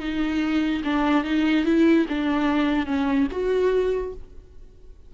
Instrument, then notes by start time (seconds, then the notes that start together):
viola
0.00 D#4
0.84 D4
1.24 D#4
1.65 E4
2.09 D4
2.86 C#4
3.31 F#4